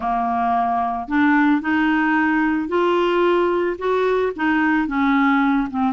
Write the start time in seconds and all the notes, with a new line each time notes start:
0.00 A#3
1.07 D4
1.61 D#4
2.68 F4
3.78 F#4
4.36 D#4
4.87 C#4
5.70 C4